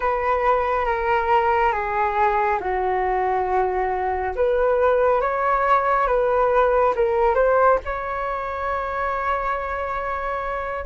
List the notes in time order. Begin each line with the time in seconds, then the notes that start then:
0.00 B4
0.85 A#4
1.72 G#4
2.60 F#4
4.35 B4
5.21 C#5
6.07 B4
6.95 A#4
7.34 C5
7.84 C#5